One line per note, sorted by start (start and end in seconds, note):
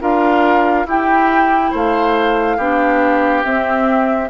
0.00 0.85 D4
0.00 0.86 F4
0.00 0.86 A#4
0.00 0.87 F5
0.85 1.71 E4
0.85 2.59 E4
0.85 1.71 G4
0.85 1.74 G5
1.71 2.57 A3
1.71 2.56 C5
1.71 3.44 F5
2.57 3.43 B3
2.57 3.44 D4
2.57 4.28 G4
3.44 4.29 C4
3.44 4.29 E5